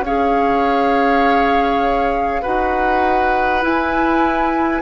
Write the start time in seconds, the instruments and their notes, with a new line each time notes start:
0.00 bassoon C#4, clarinet G#4, oboe C#5, flute F5
2.42 bassoon D#4, clarinet F#4, oboe B4, flute F#5
3.62 clarinet E4, bassoon E4, flute G#5